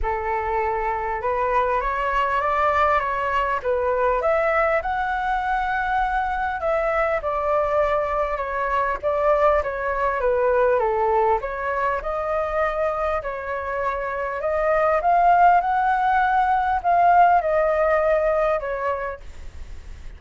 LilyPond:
\new Staff \with { instrumentName = "flute" } { \time 4/4 \tempo 4 = 100 a'2 b'4 cis''4 | d''4 cis''4 b'4 e''4 | fis''2. e''4 | d''2 cis''4 d''4 |
cis''4 b'4 a'4 cis''4 | dis''2 cis''2 | dis''4 f''4 fis''2 | f''4 dis''2 cis''4 | }